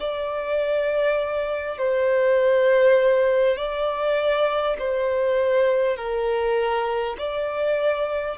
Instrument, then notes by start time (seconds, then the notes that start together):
violin
0.00 D5
1.78 C5
3.57 D5
4.79 C5
5.97 A#4
7.18 D5